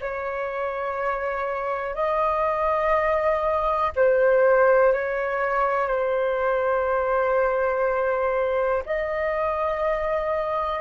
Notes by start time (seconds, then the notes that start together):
0.00 C#5
1.94 D#5
3.96 C5
4.93 C#5
5.87 C5
8.86 D#5